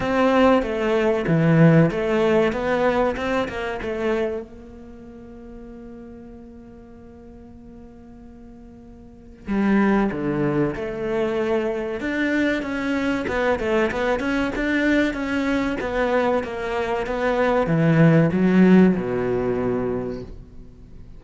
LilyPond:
\new Staff \with { instrumentName = "cello" } { \time 4/4 \tempo 4 = 95 c'4 a4 e4 a4 | b4 c'8 ais8 a4 ais4~ | ais1~ | ais2. g4 |
d4 a2 d'4 | cis'4 b8 a8 b8 cis'8 d'4 | cis'4 b4 ais4 b4 | e4 fis4 b,2 | }